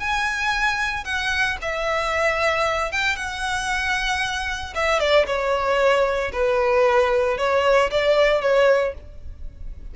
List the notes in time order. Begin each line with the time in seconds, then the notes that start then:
0.00 G#5
1.05 F#5
1.62 E5
2.92 G5
3.17 F#5
4.75 E5
5.00 D5
5.27 C#5
6.33 B4
7.38 C#5
7.91 D5
8.42 C#5